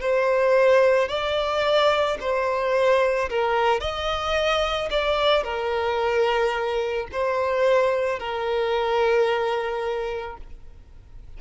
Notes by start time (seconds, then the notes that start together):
0.00 C5
1.08 D5
2.20 C5
3.29 A#4
3.80 D#5
4.90 D5
5.43 A#4
7.12 C5
8.19 A#4